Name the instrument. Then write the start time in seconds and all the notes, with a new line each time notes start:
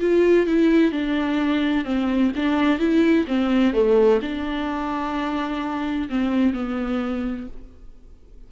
viola
0.00 F4
0.46 E4
0.92 D4
1.84 C4
2.36 D4
2.79 E4
3.27 C4
3.73 A3
4.21 D4
6.09 C4
6.53 B3